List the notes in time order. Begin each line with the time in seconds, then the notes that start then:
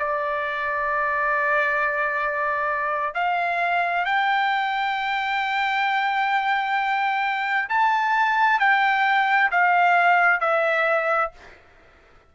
0.00 D5
3.15 F5
4.06 G5
7.69 A5
8.60 G5
9.52 F5
10.41 E5